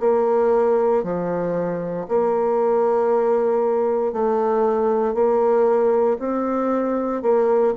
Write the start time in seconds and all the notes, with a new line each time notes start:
0.00 A#3
1.03 F3
2.08 A#3
4.13 A3
5.14 A#3
6.19 C4
7.22 A#3